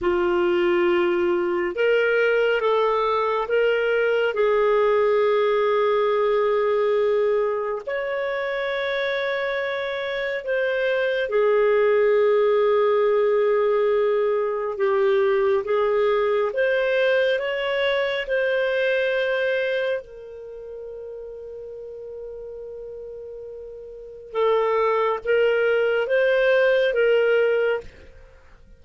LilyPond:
\new Staff \with { instrumentName = "clarinet" } { \time 4/4 \tempo 4 = 69 f'2 ais'4 a'4 | ais'4 gis'2.~ | gis'4 cis''2. | c''4 gis'2.~ |
gis'4 g'4 gis'4 c''4 | cis''4 c''2 ais'4~ | ais'1 | a'4 ais'4 c''4 ais'4 | }